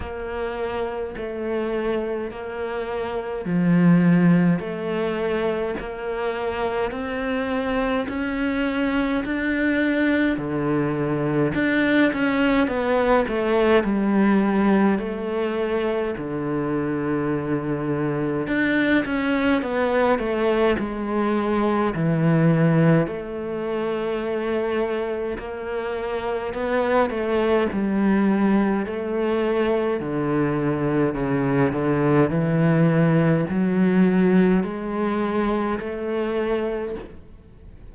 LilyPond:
\new Staff \with { instrumentName = "cello" } { \time 4/4 \tempo 4 = 52 ais4 a4 ais4 f4 | a4 ais4 c'4 cis'4 | d'4 d4 d'8 cis'8 b8 a8 | g4 a4 d2 |
d'8 cis'8 b8 a8 gis4 e4 | a2 ais4 b8 a8 | g4 a4 d4 cis8 d8 | e4 fis4 gis4 a4 | }